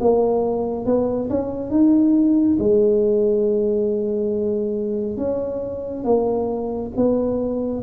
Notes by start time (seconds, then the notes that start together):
0.00 A#3
0.85 B3
1.30 C#4
1.70 D#4
2.58 G#3
5.17 C#4
6.04 A#3
6.96 B3